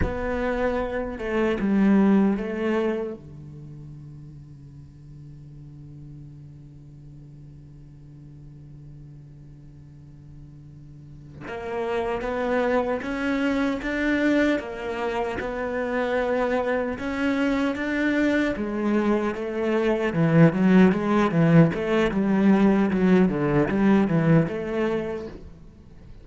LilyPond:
\new Staff \with { instrumentName = "cello" } { \time 4/4 \tempo 4 = 76 b4. a8 g4 a4 | d1~ | d1~ | d2~ d8 ais4 b8~ |
b8 cis'4 d'4 ais4 b8~ | b4. cis'4 d'4 gis8~ | gis8 a4 e8 fis8 gis8 e8 a8 | g4 fis8 d8 g8 e8 a4 | }